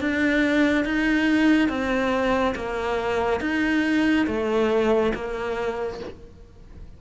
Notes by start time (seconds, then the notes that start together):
0.00 D4
0.85 D#4
1.68 C4
2.55 A#3
3.40 D#4
4.27 A3
5.14 A#3